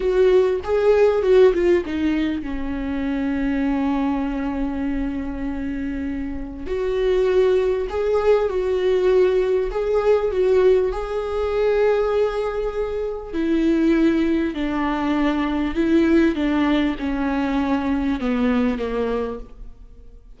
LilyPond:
\new Staff \with { instrumentName = "viola" } { \time 4/4 \tempo 4 = 99 fis'4 gis'4 fis'8 f'8 dis'4 | cis'1~ | cis'2. fis'4~ | fis'4 gis'4 fis'2 |
gis'4 fis'4 gis'2~ | gis'2 e'2 | d'2 e'4 d'4 | cis'2 b4 ais4 | }